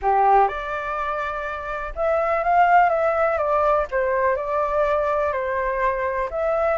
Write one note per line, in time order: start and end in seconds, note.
0.02 0.48 G4
0.48 1.93 D5
1.95 2.43 E5
2.43 2.89 F5
2.89 3.37 E5
3.37 3.86 D5
3.91 4.36 C5
4.36 5.32 D5
5.32 6.29 C5
6.30 6.77 E5